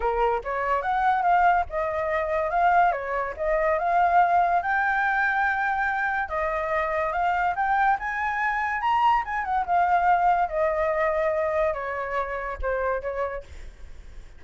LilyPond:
\new Staff \with { instrumentName = "flute" } { \time 4/4 \tempo 4 = 143 ais'4 cis''4 fis''4 f''4 | dis''2 f''4 cis''4 | dis''4 f''2 g''4~ | g''2. dis''4~ |
dis''4 f''4 g''4 gis''4~ | gis''4 ais''4 gis''8 fis''8 f''4~ | f''4 dis''2. | cis''2 c''4 cis''4 | }